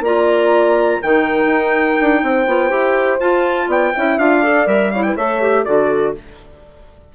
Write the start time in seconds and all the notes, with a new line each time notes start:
0.00 A#3 F4 D5 A#5
1.00 D#3 D#4 A#4 G5
1.46 D#4
2.00 D4
2.23 C4 C5
2.46 B3 F4
2.69 E4 G4
3.20 F4 A5
3.67 B3 D5 G5
3.95 C#4 E4 E5
4.18 D4 F4 F5
4.40 A4 D5
4.66 G3 A#4 E5
4.91 E4 C#5 F5
5.03 B4 G5
5.15 A3 A4 C#5 E5
5.41 G4
5.64 D3 F#4 A4 D5